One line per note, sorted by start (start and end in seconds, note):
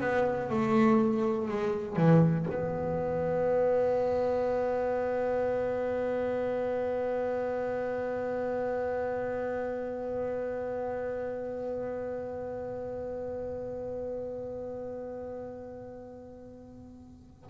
0.00 0.50 B3
0.50 1.49 A3
1.49 1.96 G#3
1.96 2.46 E3
2.50 17.50 B3